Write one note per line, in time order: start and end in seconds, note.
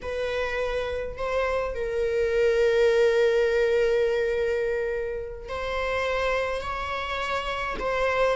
0.02 1.17 B4
1.17 1.74 C5
1.74 5.48 A#4
5.48 6.61 C5
6.61 7.76 C#5
7.79 8.36 C5